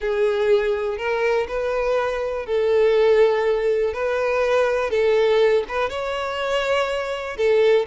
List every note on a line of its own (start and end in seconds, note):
0.00 0.97 G#4
0.97 1.46 A#4
1.48 2.46 B4
2.46 3.93 A4
3.93 4.90 B4
4.90 5.64 A4
5.68 5.89 B4
5.89 7.36 C#5
7.36 7.86 A4